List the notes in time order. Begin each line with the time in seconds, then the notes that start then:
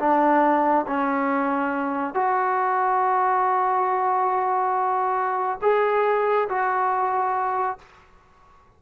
0.00 D4
0.87 C#4
2.15 F#4
5.62 G#4
6.49 F#4